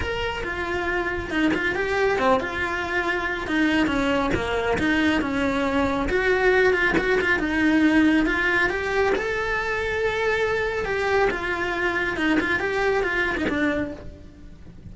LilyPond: \new Staff \with { instrumentName = "cello" } { \time 4/4 \tempo 4 = 138 ais'4 f'2 dis'8 f'8 | g'4 c'8 f'2~ f'8 | dis'4 cis'4 ais4 dis'4 | cis'2 fis'4. f'8 |
fis'8 f'8 dis'2 f'4 | g'4 a'2.~ | a'4 g'4 f'2 | dis'8 f'8 g'4 f'8. dis'16 d'4 | }